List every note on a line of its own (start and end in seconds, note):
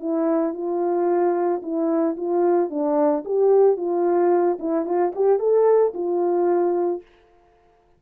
0.00 0.54 E4
0.54 1.62 F4
1.63 2.17 E4
2.17 2.70 F4
2.70 3.24 D4
3.25 3.77 G4
3.77 4.58 F4
4.59 4.86 E4
4.86 5.13 F4
5.16 5.40 G4
5.40 5.94 A4
5.94 7.02 F4